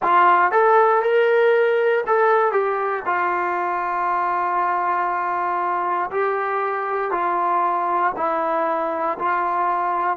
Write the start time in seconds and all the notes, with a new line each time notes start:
0.02 F4
0.51 A4
1.02 A#4
2.06 A4
2.51 G4
3.05 F4
6.10 G4
7.11 F4
8.16 E4
9.18 F4